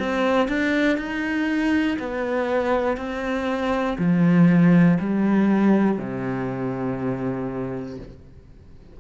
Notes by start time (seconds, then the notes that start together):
0.00 C4
0.49 D4
0.98 D#4
2.00 B3
2.97 C4
3.99 F3
5.00 G3
5.98 C3